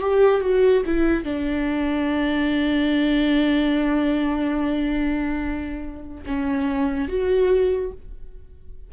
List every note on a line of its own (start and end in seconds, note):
0.00 0.41 G4
0.41 0.83 F#4
0.86 1.23 E4
1.23 6.23 D4
6.26 7.08 C#4
7.08 7.92 F#4